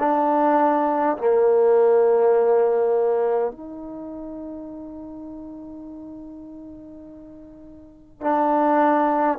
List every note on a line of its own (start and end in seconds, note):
0.00 1.18 D4
1.18 3.52 A#3
3.52 8.21 D#4
8.21 9.39 D4